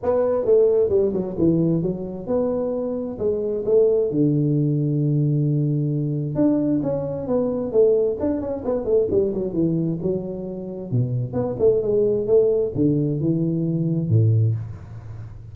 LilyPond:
\new Staff \with { instrumentName = "tuba" } { \time 4/4 \tempo 4 = 132 b4 a4 g8 fis8 e4 | fis4 b2 gis4 | a4 d2.~ | d2 d'4 cis'4 |
b4 a4 d'8 cis'8 b8 a8 | g8 fis8 e4 fis2 | b,4 b8 a8 gis4 a4 | d4 e2 a,4 | }